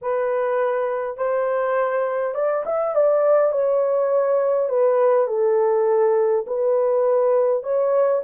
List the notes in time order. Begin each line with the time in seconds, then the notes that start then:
0.01 B4
1.17 C5
2.34 D5
2.65 E5
2.95 D5
3.52 C#5
4.69 B4
5.27 A4
6.46 B4
7.63 C#5